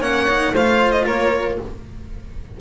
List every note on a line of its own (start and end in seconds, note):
0.00 0.52 A#3
0.00 0.28 C#4
0.00 0.53 C#5
0.00 0.55 F#5
0.29 0.55 D#4
0.53 1.05 A3
0.53 1.61 F4
0.53 1.05 C5
0.53 0.91 F5
0.91 1.04 D#5
1.05 1.59 A#3
1.05 1.57 A#4
1.05 1.59 C#5